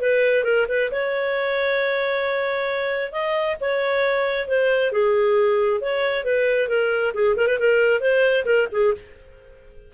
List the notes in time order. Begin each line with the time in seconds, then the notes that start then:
0.00 B4
0.44 A#4
0.68 B4
0.91 C#5
3.12 D#5
3.60 C#5
4.47 C5
4.92 G#4
5.81 C#5
6.24 B4
6.68 A#4
7.14 G#4
7.36 A#4
7.47 B4
7.59 A#4
8.00 C5
8.45 A#4
8.71 G#4